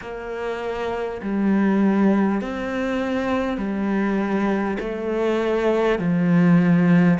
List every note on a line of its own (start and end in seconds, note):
0.01 1.21 A#3
1.22 2.41 G3
2.41 3.57 C4
3.57 4.77 G3
4.79 5.98 A3
5.98 7.18 F3